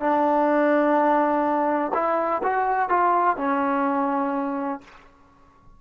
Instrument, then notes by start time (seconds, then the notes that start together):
trombone
0.00 D4
1.94 E4
2.43 F#4
2.89 F4
3.37 C#4